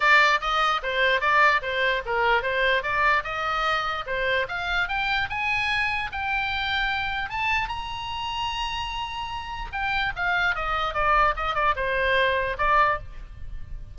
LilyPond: \new Staff \with { instrumentName = "oboe" } { \time 4/4 \tempo 4 = 148 d''4 dis''4 c''4 d''4 | c''4 ais'4 c''4 d''4 | dis''2 c''4 f''4 | g''4 gis''2 g''4~ |
g''2 a''4 ais''4~ | ais''1 | g''4 f''4 dis''4 d''4 | dis''8 d''8 c''2 d''4 | }